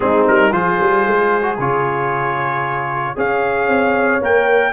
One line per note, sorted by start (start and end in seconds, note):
0.00 0.27 G#3
0.00 0.50 C4
0.00 0.52 D#4
0.00 0.26 G#4
0.27 0.52 G3
0.27 0.52 A#4
0.52 0.78 F3
0.52 1.42 F4
0.52 3.15 G#4
0.52 1.57 C5
0.80 1.06 G3
1.06 1.58 G#3
1.42 1.55 F#4
1.58 3.15 C#3
1.58 3.15 F4
1.58 3.18 C#5
3.15 3.67 C#4
3.15 4.21 G#4
3.15 4.72 C#5
3.15 4.23 F5
3.67 4.20 C4
4.21 4.72 A#3
4.21 4.72 A#4
4.21 4.72 G5